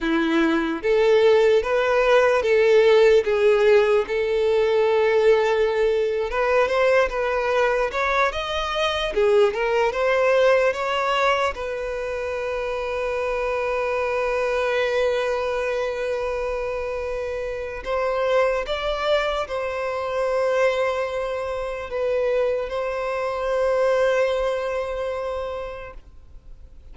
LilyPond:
\new Staff \with { instrumentName = "violin" } { \time 4/4 \tempo 4 = 74 e'4 a'4 b'4 a'4 | gis'4 a'2~ a'8. b'16~ | b'16 c''8 b'4 cis''8 dis''4 gis'8 ais'16~ | ais'16 c''4 cis''4 b'4.~ b'16~ |
b'1~ | b'2 c''4 d''4 | c''2. b'4 | c''1 | }